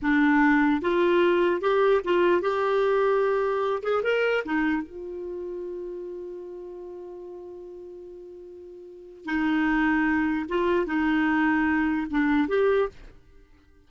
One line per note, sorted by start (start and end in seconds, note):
0.01 0.81 D4
0.81 1.61 F4
1.61 2.01 G4
2.04 2.41 F4
2.41 3.82 G4
3.82 4.02 G#4
4.03 4.43 A#4
4.45 4.82 D#4
4.82 9.25 F4
9.25 10.46 D#4
10.48 10.86 F4
10.86 12.07 D#4
12.10 12.48 D4
12.48 12.88 G4